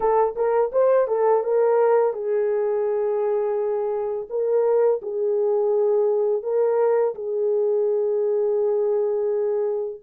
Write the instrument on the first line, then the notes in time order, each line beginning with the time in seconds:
horn
0.00 A4
0.35 A#4
0.71 C5
1.07 A4
1.43 A#4
2.13 G#4
4.29 A#4
5.02 G#4
6.43 A#4
7.14 G#4